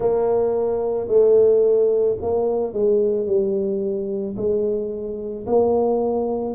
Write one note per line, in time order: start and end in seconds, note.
0.00 1.07 A#3
1.07 2.16 A3
2.21 2.73 A#3
2.73 3.26 G#3
3.26 4.35 G3
4.36 5.45 G#3
5.46 6.54 A#3